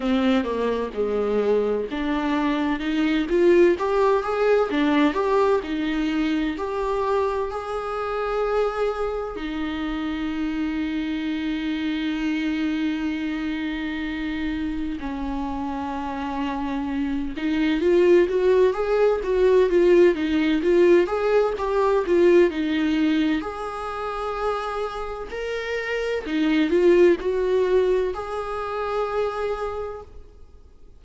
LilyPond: \new Staff \with { instrumentName = "viola" } { \time 4/4 \tempo 4 = 64 c'8 ais8 gis4 d'4 dis'8 f'8 | g'8 gis'8 d'8 g'8 dis'4 g'4 | gis'2 dis'2~ | dis'1 |
cis'2~ cis'8 dis'8 f'8 fis'8 | gis'8 fis'8 f'8 dis'8 f'8 gis'8 g'8 f'8 | dis'4 gis'2 ais'4 | dis'8 f'8 fis'4 gis'2 | }